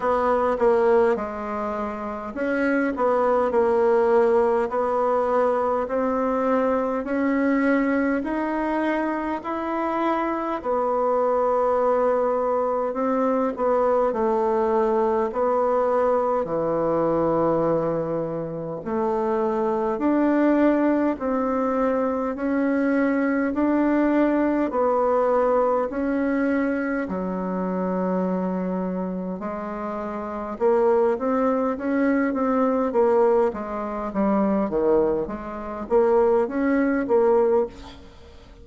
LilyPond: \new Staff \with { instrumentName = "bassoon" } { \time 4/4 \tempo 4 = 51 b8 ais8 gis4 cis'8 b8 ais4 | b4 c'4 cis'4 dis'4 | e'4 b2 c'8 b8 | a4 b4 e2 |
a4 d'4 c'4 cis'4 | d'4 b4 cis'4 fis4~ | fis4 gis4 ais8 c'8 cis'8 c'8 | ais8 gis8 g8 dis8 gis8 ais8 cis'8 ais8 | }